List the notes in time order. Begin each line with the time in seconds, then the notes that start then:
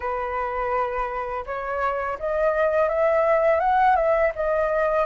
0.00 B4
1.46 C#5
2.19 D#5
2.88 E5
3.59 F#5
3.96 E5
4.35 D#5